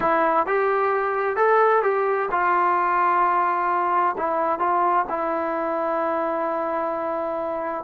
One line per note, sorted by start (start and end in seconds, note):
0.00 0.46 E4
0.46 1.36 G4
1.36 1.82 A4
1.83 2.29 G4
2.31 4.16 F4
4.17 4.59 E4
4.59 5.05 F4
5.09 7.84 E4